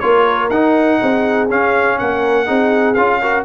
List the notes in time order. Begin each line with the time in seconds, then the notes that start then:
0.00 A#3 F4 A#4 C#5
0.50 D#4 F#5
1.00 C4 G#4
1.50 C#4 F5
1.99 A#3 A#4 F#5
2.46 C4 D#4 G#4
2.94 C#4 F4 F5
3.22 F#4 A#4